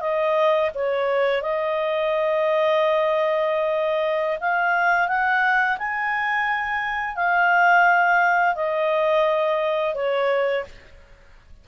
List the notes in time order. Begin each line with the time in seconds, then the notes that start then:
0.00 D#5
0.74 C#5
1.41 D#5
4.40 F5
5.07 F#5
5.77 G#5
7.15 F5
8.55 D#5
9.94 C#5